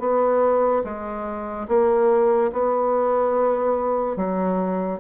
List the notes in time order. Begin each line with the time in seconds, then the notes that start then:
0.00 B3
0.84 G#3
1.68 A#3
2.53 B3
4.17 F#3